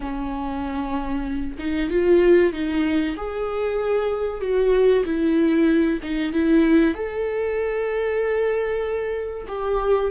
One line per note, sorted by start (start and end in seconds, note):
0.00 1.56 C#4
1.58 1.89 D#4
1.89 2.52 F4
2.52 3.16 D#4
3.17 4.40 G#4
4.40 5.04 F#4
5.05 5.99 E4
6.02 6.32 D#4
6.32 6.94 E4
6.94 9.47 A4
9.48 10.11 G4